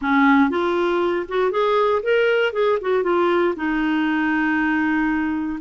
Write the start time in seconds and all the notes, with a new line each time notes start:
0.01 C#4
0.50 F4
1.28 F#4
1.51 G#4
2.02 A#4
2.52 G#4
2.81 F#4
3.03 F4
3.55 D#4